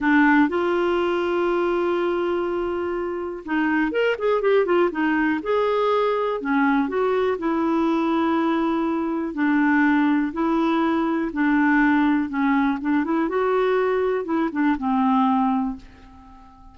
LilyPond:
\new Staff \with { instrumentName = "clarinet" } { \time 4/4 \tempo 4 = 122 d'4 f'2.~ | f'2. dis'4 | ais'8 gis'8 g'8 f'8 dis'4 gis'4~ | gis'4 cis'4 fis'4 e'4~ |
e'2. d'4~ | d'4 e'2 d'4~ | d'4 cis'4 d'8 e'8 fis'4~ | fis'4 e'8 d'8 c'2 | }